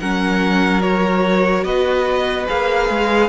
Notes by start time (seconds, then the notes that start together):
0.00 F#3 C#4 A#4 F#5
0.82 F#4 C#5
1.64 B3 B4 D#5
2.47 A#3 G#4 F5
2.90 G#3